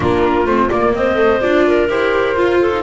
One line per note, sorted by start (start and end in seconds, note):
0.00 0.45 A#3
0.00 0.46 D4
0.00 0.94 F4
0.00 0.46 A#4
0.45 0.69 A3
0.45 0.70 C4
0.45 0.69 C5
0.69 1.15 A#3
0.69 0.93 A#3
0.69 0.93 D5
0.93 1.41 C4
0.93 1.67 C5
0.93 1.41 D#5
1.15 1.38 A3
1.41 1.88 D4
1.41 1.88 F4
1.41 1.88 D5
1.67 2.60 A#4
1.88 2.36 E4
1.88 2.35 G4
1.88 2.83 C5
2.35 2.71 F4
2.35 2.83 F4
2.60 2.83 A4
2.71 2.83 D#4